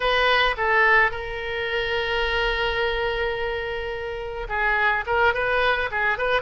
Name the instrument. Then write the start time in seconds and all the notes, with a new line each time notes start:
oboe
0.00 B4
0.57 A4
1.11 A#4
4.48 G#4
5.06 A#4
5.33 B4
5.91 G#4
6.17 B4